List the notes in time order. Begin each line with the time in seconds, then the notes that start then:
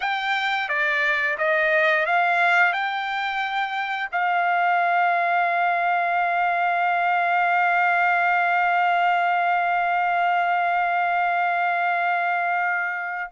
0.00 G5
0.68 D5
1.38 D#5
2.05 F5
2.72 G5
4.11 F5